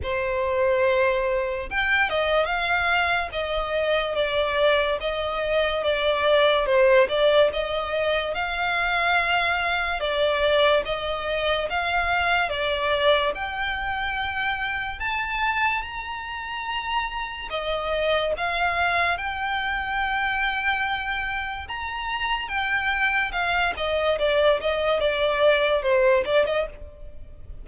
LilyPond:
\new Staff \with { instrumentName = "violin" } { \time 4/4 \tempo 4 = 72 c''2 g''8 dis''8 f''4 | dis''4 d''4 dis''4 d''4 | c''8 d''8 dis''4 f''2 | d''4 dis''4 f''4 d''4 |
g''2 a''4 ais''4~ | ais''4 dis''4 f''4 g''4~ | g''2 ais''4 g''4 | f''8 dis''8 d''8 dis''8 d''4 c''8 d''16 dis''16 | }